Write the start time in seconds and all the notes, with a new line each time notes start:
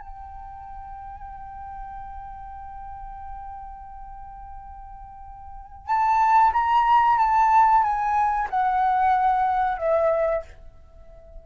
0.00 G5
5.86 A5
6.53 A#5
7.18 A5
7.83 G#5
8.50 F#5
9.77 E5